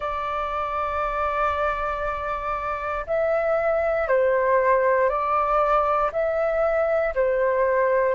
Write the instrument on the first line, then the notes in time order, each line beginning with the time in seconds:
flute
0.00 D5
3.06 E5
4.07 C5
5.09 D5
6.12 E5
7.14 C5